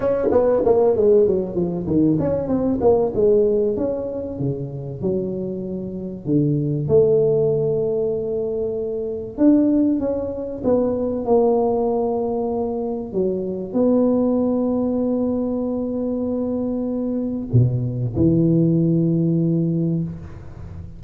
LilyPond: \new Staff \with { instrumentName = "tuba" } { \time 4/4 \tempo 4 = 96 cis'8 b8 ais8 gis8 fis8 f8 dis8 cis'8 | c'8 ais8 gis4 cis'4 cis4 | fis2 d4 a4~ | a2. d'4 |
cis'4 b4 ais2~ | ais4 fis4 b2~ | b1 | b,4 e2. | }